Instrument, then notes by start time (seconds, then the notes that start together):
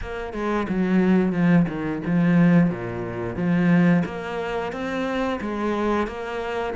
cello
0.01 A#3
0.33 G#3
0.68 F#3
1.32 F3
1.68 D#3
2.05 F3
2.70 A#2
3.36 F3
4.05 A#3
4.72 C4
5.41 G#3
6.07 A#3